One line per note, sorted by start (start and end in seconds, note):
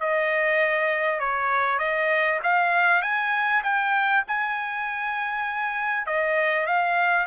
0.00 1.20 D#5
1.20 1.79 C#5
1.79 2.39 D#5
2.43 3.02 F5
3.02 3.62 G#5
3.63 4.23 G5
4.28 6.06 G#5
6.06 6.66 D#5
6.66 7.27 F5